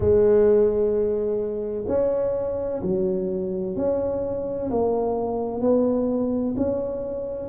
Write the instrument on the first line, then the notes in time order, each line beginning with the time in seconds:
tuba
0.00 G#3
1.87 C#4
2.82 F#3
3.76 C#4
4.70 A#3
5.60 B3
6.56 C#4